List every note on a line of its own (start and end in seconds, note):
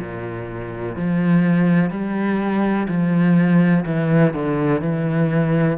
0.00 0.96 A#2
0.96 1.91 F3
1.91 2.88 G3
2.89 3.85 F3
3.86 4.34 E3
4.34 4.82 D3
4.82 5.78 E3